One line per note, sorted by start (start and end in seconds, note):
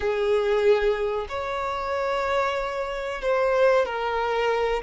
0.00 1.26 G#4
1.28 3.21 C#5
3.21 3.85 C5
3.85 4.82 A#4